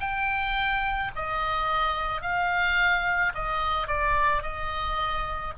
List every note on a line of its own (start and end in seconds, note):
0.00 1.11 G5
1.16 2.22 D#5
2.22 3.33 F5
3.34 3.87 D#5
3.87 4.42 D5
4.42 5.54 D#5